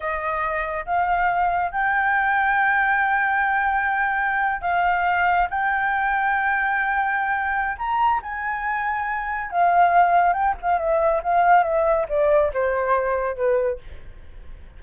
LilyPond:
\new Staff \with { instrumentName = "flute" } { \time 4/4 \tempo 4 = 139 dis''2 f''2 | g''1~ | g''2~ g''8. f''4~ f''16~ | f''8. g''2.~ g''16~ |
g''2 ais''4 gis''4~ | gis''2 f''2 | g''8 f''8 e''4 f''4 e''4 | d''4 c''2 b'4 | }